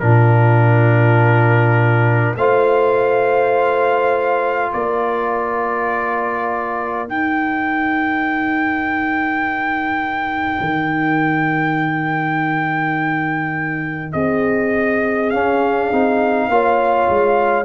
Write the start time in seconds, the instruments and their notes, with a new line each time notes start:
0.00 tuba A#2, trombone D4, horn F4, trumpet A#4
2.37 tuba A3, trombone F4, horn C5, trumpet F5
4.72 tuba A#3, horn A#4, trumpet D5
7.08 trombone D#4, tuba D#4, trumpet G5
10.61 tuba D#3
14.13 tuba C4, horn G#4, trumpet D#5
15.30 tuba C#4, trombone C#4, trumpet F5
15.92 tuba C4, trombone D#4
16.49 tuba A#3, trombone F4, horn C#5
17.09 tuba G#3